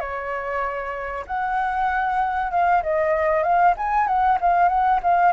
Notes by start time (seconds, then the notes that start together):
0.00 C#5
1.27 F#5
2.51 F5
2.83 D#5
3.43 F5
3.77 G#5
4.07 F#5
4.41 F5
4.68 F#5
5.03 F5